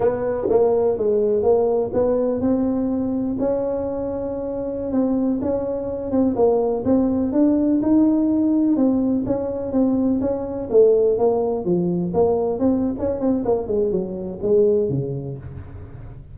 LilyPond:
\new Staff \with { instrumentName = "tuba" } { \time 4/4 \tempo 4 = 125 b4 ais4 gis4 ais4 | b4 c'2 cis'4~ | cis'2~ cis'16 c'4 cis'8.~ | cis'8. c'8 ais4 c'4 d'8.~ |
d'16 dis'2 c'4 cis'8.~ | cis'16 c'4 cis'4 a4 ais8.~ | ais16 f4 ais4 c'8. cis'8 c'8 | ais8 gis8 fis4 gis4 cis4 | }